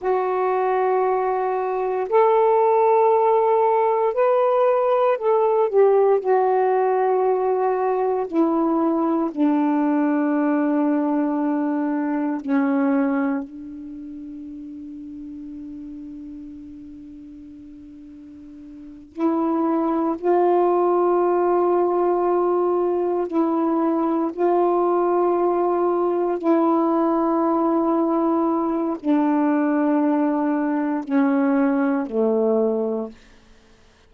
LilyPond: \new Staff \with { instrumentName = "saxophone" } { \time 4/4 \tempo 4 = 58 fis'2 a'2 | b'4 a'8 g'8 fis'2 | e'4 d'2. | cis'4 d'2.~ |
d'2~ d'8 e'4 f'8~ | f'2~ f'8 e'4 f'8~ | f'4. e'2~ e'8 | d'2 cis'4 a4 | }